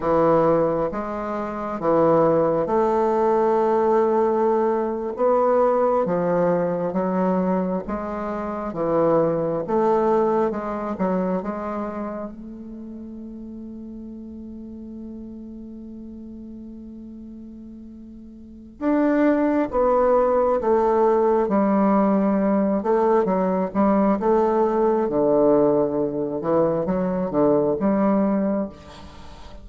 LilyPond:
\new Staff \with { instrumentName = "bassoon" } { \time 4/4 \tempo 4 = 67 e4 gis4 e4 a4~ | a4.~ a16 b4 f4 fis16~ | fis8. gis4 e4 a4 gis16~ | gis16 fis8 gis4 a2~ a16~ |
a1~ | a4 d'4 b4 a4 | g4. a8 fis8 g8 a4 | d4. e8 fis8 d8 g4 | }